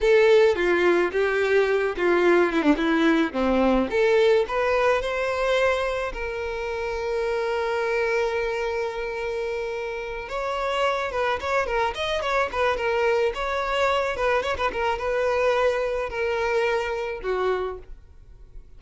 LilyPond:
\new Staff \with { instrumentName = "violin" } { \time 4/4 \tempo 4 = 108 a'4 f'4 g'4. f'8~ | f'8 e'16 d'16 e'4 c'4 a'4 | b'4 c''2 ais'4~ | ais'1~ |
ais'2~ ais'8 cis''4. | b'8 cis''8 ais'8 dis''8 cis''8 b'8 ais'4 | cis''4. b'8 cis''16 b'16 ais'8 b'4~ | b'4 ais'2 fis'4 | }